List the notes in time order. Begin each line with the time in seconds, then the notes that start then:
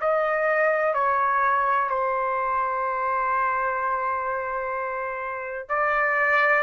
0.00 D#5
0.94 C#5
1.89 C5
5.68 D5